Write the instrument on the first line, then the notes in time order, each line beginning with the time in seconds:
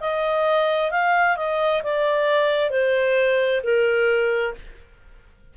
clarinet
0.00 D#5
0.91 F5
1.37 D#5
1.83 D5
2.70 C5
3.64 A#4